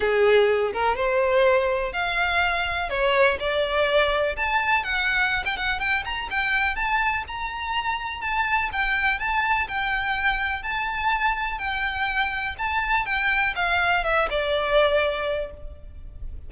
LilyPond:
\new Staff \with { instrumentName = "violin" } { \time 4/4 \tempo 4 = 124 gis'4. ais'8 c''2 | f''2 cis''4 d''4~ | d''4 a''4 fis''4~ fis''16 g''16 fis''8 | g''8 ais''8 g''4 a''4 ais''4~ |
ais''4 a''4 g''4 a''4 | g''2 a''2 | g''2 a''4 g''4 | f''4 e''8 d''2~ d''8 | }